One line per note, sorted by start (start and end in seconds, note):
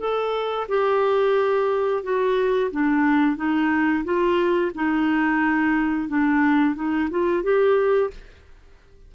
0.00 0.67 A4
0.69 2.03 G4
2.03 2.71 F#4
2.71 3.36 D4
3.36 4.04 D#4
4.04 4.72 F4
4.75 6.09 D#4
6.09 6.75 D4
6.75 7.09 D#4
7.10 7.43 F4
7.43 8.11 G4